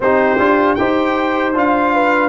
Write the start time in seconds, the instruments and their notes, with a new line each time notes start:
0.00 tuba C4, trombone D#4, horn G4, trumpet C5
0.38 tuba D4, trombone F4
0.75 tuba D#4, trombone G4, horn C5, trumpet G5
1.54 tuba D4, trombone F4, trumpet F5
1.93 horn B4